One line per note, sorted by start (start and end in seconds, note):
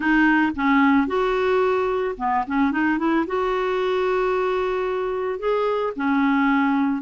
0.00 0.52 D#4
0.55 1.07 C#4
1.07 2.15 F#4
2.17 2.44 B3
2.47 2.71 C#4
2.71 2.98 D#4
2.98 3.25 E4
3.26 5.39 F#4
5.39 5.93 G#4
5.96 7.01 C#4